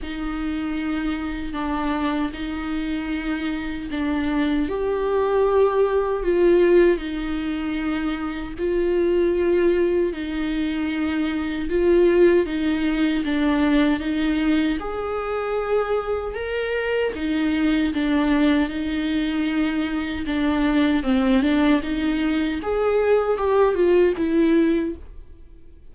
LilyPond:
\new Staff \with { instrumentName = "viola" } { \time 4/4 \tempo 4 = 77 dis'2 d'4 dis'4~ | dis'4 d'4 g'2 | f'4 dis'2 f'4~ | f'4 dis'2 f'4 |
dis'4 d'4 dis'4 gis'4~ | gis'4 ais'4 dis'4 d'4 | dis'2 d'4 c'8 d'8 | dis'4 gis'4 g'8 f'8 e'4 | }